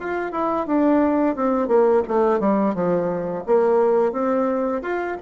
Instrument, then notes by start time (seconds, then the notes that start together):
bassoon
0.00 F4
0.32 E4
0.67 D4
1.36 C4
1.68 A#3
2.08 A3
2.40 G3
2.75 F3
3.46 A#3
4.12 C4
4.82 F4